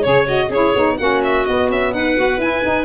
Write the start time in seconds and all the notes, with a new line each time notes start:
0.00 C#3 G#4 C#5
0.26 F#4 D#5
0.48 C#4 E4 G#4 C#5
0.75 B3 D#4
0.97 A#3 C#4 F#4 F#5
1.24 E5
1.46 B3 D#5
1.70 C#4 E5
1.93 D#4 B4 F#5
2.15 B3 F#4
2.38 E4 G#5
2.62 D#4